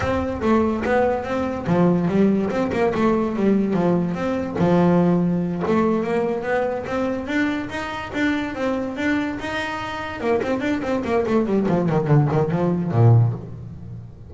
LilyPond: \new Staff \with { instrumentName = "double bass" } { \time 4/4 \tempo 4 = 144 c'4 a4 b4 c'4 | f4 g4 c'8 ais8 a4 | g4 f4 c'4 f4~ | f4. a4 ais4 b8~ |
b8 c'4 d'4 dis'4 d'8~ | d'8 c'4 d'4 dis'4.~ | dis'8 ais8 c'8 d'8 c'8 ais8 a8 g8 | f8 dis8 d8 dis8 f4 ais,4 | }